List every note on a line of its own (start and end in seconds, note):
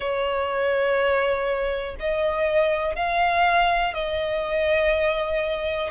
0.00 1.95 C#5
1.99 2.95 D#5
2.95 3.93 F5
3.93 5.90 D#5